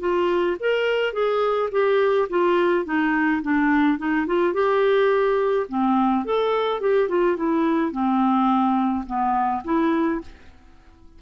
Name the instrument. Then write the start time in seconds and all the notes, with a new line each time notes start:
clarinet
0.00 F4
0.60 A#4
1.13 G#4
1.72 G4
2.29 F4
2.85 D#4
3.42 D4
3.98 D#4
4.27 F4
4.53 G4
5.68 C4
6.25 A4
6.81 G4
7.09 F4
7.36 E4
7.92 C4
9.06 B3
9.64 E4